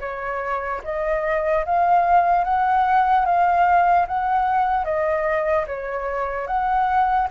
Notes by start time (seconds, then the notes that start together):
0.00 C#5
0.84 D#5
1.65 F5
2.44 F#5
3.25 F5
4.07 F#5
4.84 D#5
5.67 C#5
6.47 F#5